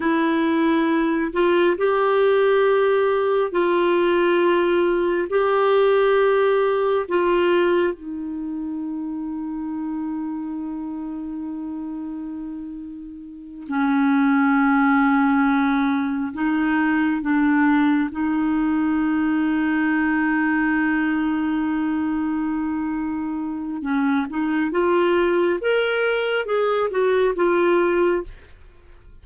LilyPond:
\new Staff \with { instrumentName = "clarinet" } { \time 4/4 \tempo 4 = 68 e'4. f'8 g'2 | f'2 g'2 | f'4 dis'2.~ | dis'2.~ dis'8 cis'8~ |
cis'2~ cis'8 dis'4 d'8~ | d'8 dis'2.~ dis'8~ | dis'2. cis'8 dis'8 | f'4 ais'4 gis'8 fis'8 f'4 | }